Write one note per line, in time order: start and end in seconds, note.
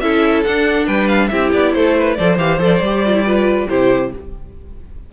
0.00 0.44 C#4
0.00 0.45 E4
0.00 0.86 A4
0.00 0.43 E5
0.44 1.31 D4
0.44 0.88 D4
0.44 0.87 F#5
0.86 1.31 G3
0.86 1.29 B4
0.86 1.08 G5
1.08 1.28 F5
1.28 1.53 C4
1.28 2.17 E4
1.28 1.75 G4
1.28 1.50 E5
1.53 1.75 B3
1.53 1.73 D5
1.73 2.18 A3
1.73 1.98 A4
1.73 2.15 C5
1.98 2.18 B4
2.15 2.37 F3
2.15 2.38 A4
2.15 3.25 C5
2.15 2.36 D5
2.37 2.59 E3
2.37 2.59 G4
2.37 2.60 F5
2.59 2.81 F3
2.59 2.81 A4
2.59 3.69 D5
2.81 3.67 G3
2.81 3.06 G4
3.06 3.14 F4
3.14 3.25 E4
3.25 3.69 F4
3.25 3.68 B4
3.69 4.13 C3
3.69 4.12 E4
3.69 4.12 G4
3.69 4.12 C5